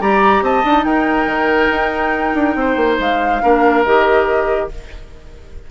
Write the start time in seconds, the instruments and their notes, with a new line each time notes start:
0.00 bassoon G3, clarinet G4, oboe D5, flute A#5
0.42 bassoon C4, oboe D#5, flute A5
0.64 bassoon D4, clarinet D#4
0.84 bassoon D#4, oboe A#4, flute G5
1.26 bassoon D#3
1.70 bassoon D#4
2.34 bassoon D4
2.55 bassoon C4, oboe C5
2.76 bassoon A#3
2.99 bassoon G#3, flute F5
3.42 bassoon A#3, clarinet D4, oboe A#4
3.84 bassoon D#3, clarinet G4, flute D#5